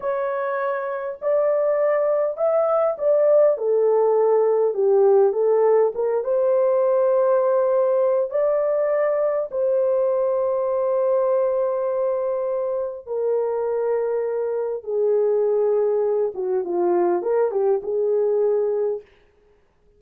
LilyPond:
\new Staff \with { instrumentName = "horn" } { \time 4/4 \tempo 4 = 101 cis''2 d''2 | e''4 d''4 a'2 | g'4 a'4 ais'8 c''4.~ | c''2 d''2 |
c''1~ | c''2 ais'2~ | ais'4 gis'2~ gis'8 fis'8 | f'4 ais'8 g'8 gis'2 | }